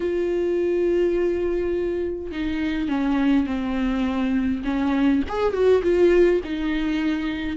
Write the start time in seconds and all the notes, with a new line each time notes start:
0.00 F4
2.31 D#4
2.88 C#4
3.46 C4
4.64 C#4
5.29 G#4
5.53 F#4
5.83 F4
6.44 D#4